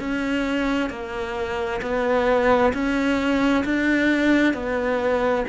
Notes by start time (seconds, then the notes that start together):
0.00 C#4
0.90 A#3
1.82 B3
2.73 C#4
3.64 D4
4.54 B3